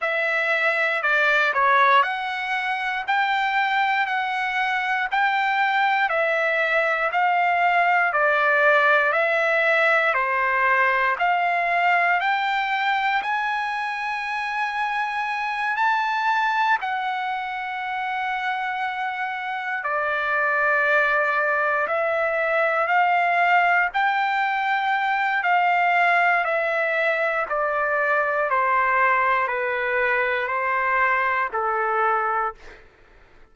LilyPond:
\new Staff \with { instrumentName = "trumpet" } { \time 4/4 \tempo 4 = 59 e''4 d''8 cis''8 fis''4 g''4 | fis''4 g''4 e''4 f''4 | d''4 e''4 c''4 f''4 | g''4 gis''2~ gis''8 a''8~ |
a''8 fis''2. d''8~ | d''4. e''4 f''4 g''8~ | g''4 f''4 e''4 d''4 | c''4 b'4 c''4 a'4 | }